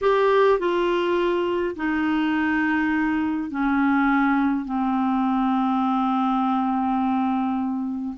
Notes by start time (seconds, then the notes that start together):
0.01 G4
0.59 F4
1.76 D#4
3.50 C#4
4.65 C4